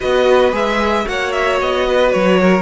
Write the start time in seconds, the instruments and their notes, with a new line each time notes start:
0.00 cello B3, viola F#4, violin B4 D#5
0.52 cello G#3, viola G#4, violin E5
1.04 cello A#3, viola F#4, violin C#5 F#5
1.32 violin E5
1.61 cello B3, violin D#5
1.87 violin B4
2.11 cello F#3, violin C#5
2.40 violin A#4